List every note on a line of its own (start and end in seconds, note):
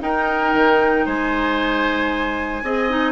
0.00 2.63 D#4
0.00 0.54 D#4
0.00 1.06 A#4
0.00 1.07 G5
0.54 1.06 D#3
1.06 2.63 G#3
1.06 2.63 C5
1.06 3.12 G#5
2.63 3.12 C4
2.63 2.90 G#4
2.63 3.12 D#5
2.90 3.12 D#4